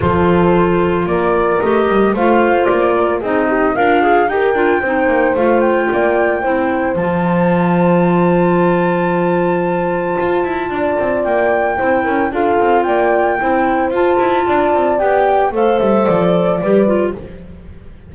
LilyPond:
<<
  \new Staff \with { instrumentName = "flute" } { \time 4/4 \tempo 4 = 112 c''2 d''4 dis''4 | f''4 d''4 dis''4 f''4 | g''2 f''8 g''4.~ | g''4 a''2.~ |
a''1~ | a''4 g''2 f''4 | g''2 a''2 | g''4 f''8 e''8 d''2 | }
  \new Staff \with { instrumentName = "horn" } { \time 4/4 a'2 ais'2 | c''4. ais'8 gis'8 g'8 f'4 | ais'4 c''2 d''4 | c''1~ |
c''1 | d''2 c''8 ais'8 a'4 | d''4 c''2 d''4~ | d''4 c''2 b'4 | }
  \new Staff \with { instrumentName = "clarinet" } { \time 4/4 f'2. g'4 | f'2 dis'4 ais'8 gis'8 | g'8 f'8 dis'4 f'2 | e'4 f'2.~ |
f'1~ | f'2 e'4 f'4~ | f'4 e'4 f'2 | g'4 a'2 g'8 f'8 | }
  \new Staff \with { instrumentName = "double bass" } { \time 4/4 f2 ais4 a8 g8 | a4 ais4 c'4 d'4 | dis'8 d'8 c'8 ais8 a4 ais4 | c'4 f2.~ |
f2. f'8 e'8 | d'8 c'8 ais4 c'8 cis'8 d'8 c'8 | ais4 c'4 f'8 e'8 d'8 c'8 | b4 a8 g8 f4 g4 | }
>>